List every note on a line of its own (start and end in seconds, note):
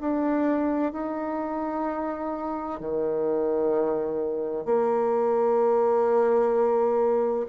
0.00 0.92 D4
0.92 2.80 D#4
2.80 4.64 D#3
4.64 7.46 A#3